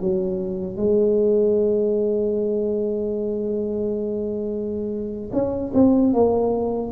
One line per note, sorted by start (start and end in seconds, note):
0.00 0.76 F#3
0.76 5.30 G#3
5.32 5.72 C#4
5.73 6.13 C4
6.13 6.91 A#3